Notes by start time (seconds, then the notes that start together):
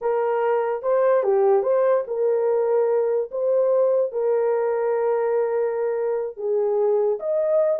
0.01 A#4
0.82 C5
1.23 G4
1.63 C5
2.07 A#4
3.31 C5
4.12 A#4
6.36 G#4
7.19 D#5